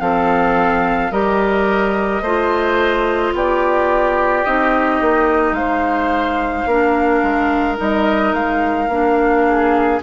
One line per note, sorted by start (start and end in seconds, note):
0.00 1.11 F3
0.00 1.11 C4
0.00 1.12 A4
0.00 1.12 F5
1.11 2.21 G3
1.11 2.23 G4
1.11 2.22 A#4
1.11 3.34 D#5
2.21 3.32 A3
2.21 4.46 F4
2.21 3.33 C5
3.33 4.44 B3
3.33 5.57 G4
3.33 4.44 D5
4.44 5.00 C4
4.44 6.68 D#4
4.44 5.54 D#5
5.00 5.52 A#3
5.52 6.63 G#3
5.52 6.68 C5
5.52 7.76 F5
6.66 7.21 A#3
6.66 7.77 D4
6.66 9.46 A#4
7.22 7.78 G#3
7.77 8.33 G3
7.77 8.88 D#4
7.77 8.33 D#5
8.33 8.88 G#3
8.33 10.00 F5
8.88 9.99 A#3
8.88 10.02 D4
9.48 10.03 G#4